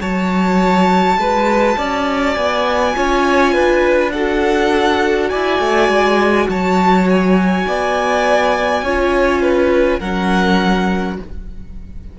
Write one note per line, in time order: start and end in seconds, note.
0.00 1.17 F#3
0.00 2.94 F#4
0.00 1.18 C#5
0.00 2.34 A5
1.17 1.76 G#3
1.17 1.77 B4
1.77 2.36 C#4
1.77 2.95 D5
2.34 2.95 B3
2.34 4.10 G#5
2.94 3.55 C#4
2.94 4.12 F4
2.94 3.53 C#5
3.53 5.32 D4
3.53 4.12 B4
4.12 8.84 F#4
4.12 5.29 A4
4.12 5.29 F#5
5.29 5.59 E4
5.29 6.47 D5
5.29 6.47 G#5
5.59 5.88 A3
5.88 6.47 G#3
6.48 7.66 F#3
6.48 7.67 C#5
6.48 7.08 A5
7.09 10.00 G#5
7.67 8.82 B3
7.67 8.84 D5
8.82 10.00 C#4
8.82 10.01 F4
8.82 9.42 C#5
9.42 9.99 B4
9.99 11.18 F#3
9.99 11.19 C#4
9.99 11.17 A#4
9.99 11.17 F#5